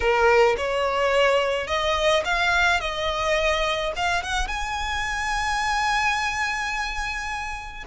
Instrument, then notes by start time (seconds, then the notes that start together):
violin
0.00 A#4
0.57 C#5
1.67 D#5
2.24 F5
2.80 D#5
3.96 F5
4.22 F#5
4.47 G#5